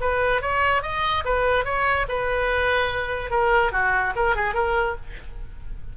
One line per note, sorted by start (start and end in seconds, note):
0.00 0.41 B4
0.41 0.82 C#5
0.82 1.24 D#5
1.25 1.65 B4
1.65 2.06 C#5
2.08 3.30 B4
3.30 3.72 A#4
3.72 4.13 F#4
4.15 4.35 A#4
4.35 4.54 G#4
4.54 4.95 A#4